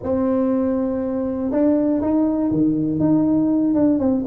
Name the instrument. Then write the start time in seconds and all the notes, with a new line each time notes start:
tuba
0.02 C4
1.51 D4
2.01 D#4
2.51 D#3
2.99 D#4
3.74 D4
3.99 C4